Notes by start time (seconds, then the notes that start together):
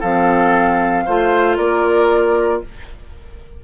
0.00 F3 C4 A4 F5
1.06 A3 F4 C5
1.57 A#3 A#4 D5